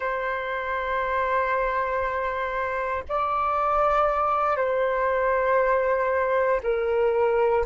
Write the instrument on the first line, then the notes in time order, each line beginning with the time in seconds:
flute
0.00 C5
3.08 D5
4.57 C5
6.63 A#4